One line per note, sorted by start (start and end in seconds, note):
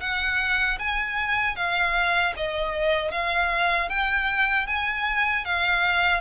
0.00 0.78 F#5
0.79 1.55 G#5
1.55 2.33 F5
2.36 3.11 D#5
3.11 3.89 F5
3.89 4.66 G5
4.66 5.44 G#5
5.44 6.21 F5